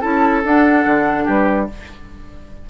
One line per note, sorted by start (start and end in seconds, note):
0.00 0.43 C#4
0.00 0.42 E4
0.00 1.24 A4
0.00 0.42 A5
0.43 0.85 D4
0.43 1.69 D4
0.43 1.27 F#5
0.85 1.26 D3
1.24 1.69 G3
1.24 1.65 G4
1.24 1.69 B4